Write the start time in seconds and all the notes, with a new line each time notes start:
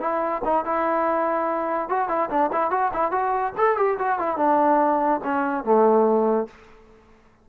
0.00 E4
0.44 D#4
0.65 E4
1.88 F#4
2.08 E4
2.29 D4
2.52 E4
2.70 F#4
2.93 E4
3.11 F#4
3.57 A4
3.77 G4
3.98 F#4
4.19 E4
4.37 D4
5.24 C#4
5.64 A3